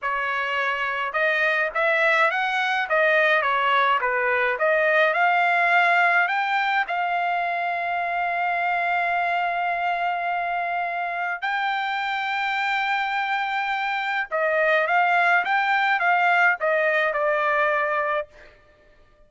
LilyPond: \new Staff \with { instrumentName = "trumpet" } { \time 4/4 \tempo 4 = 105 cis''2 dis''4 e''4 | fis''4 dis''4 cis''4 b'4 | dis''4 f''2 g''4 | f''1~ |
f''1 | g''1~ | g''4 dis''4 f''4 g''4 | f''4 dis''4 d''2 | }